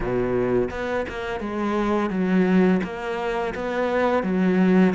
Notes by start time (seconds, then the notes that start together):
0.00 B2
0.70 B3
1.08 A#3
1.39 G#3
2.10 F#3
2.83 A#3
3.54 B3
4.23 F#3